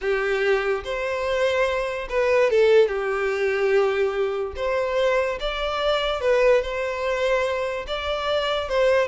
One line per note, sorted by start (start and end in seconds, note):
0.01 0.83 G4
0.84 2.08 C5
2.09 2.50 B4
2.50 2.88 A4
2.88 4.53 G4
4.56 5.38 C5
5.40 6.20 D5
6.20 6.62 B4
6.62 7.86 C5
7.87 8.69 D5
8.69 9.07 C5